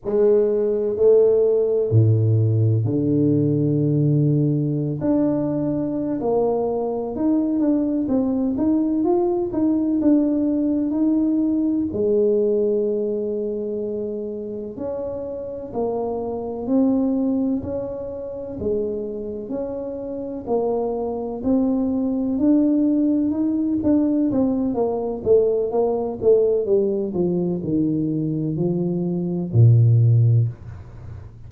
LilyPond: \new Staff \with { instrumentName = "tuba" } { \time 4/4 \tempo 4 = 63 gis4 a4 a,4 d4~ | d4~ d16 d'4~ d'16 ais4 dis'8 | d'8 c'8 dis'8 f'8 dis'8 d'4 dis'8~ | dis'8 gis2. cis'8~ |
cis'8 ais4 c'4 cis'4 gis8~ | gis8 cis'4 ais4 c'4 d'8~ | d'8 dis'8 d'8 c'8 ais8 a8 ais8 a8 | g8 f8 dis4 f4 ais,4 | }